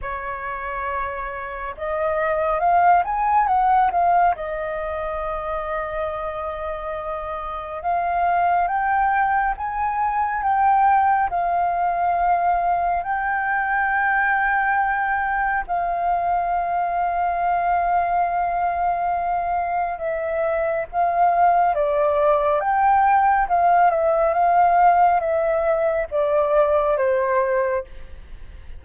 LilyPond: \new Staff \with { instrumentName = "flute" } { \time 4/4 \tempo 4 = 69 cis''2 dis''4 f''8 gis''8 | fis''8 f''8 dis''2.~ | dis''4 f''4 g''4 gis''4 | g''4 f''2 g''4~ |
g''2 f''2~ | f''2. e''4 | f''4 d''4 g''4 f''8 e''8 | f''4 e''4 d''4 c''4 | }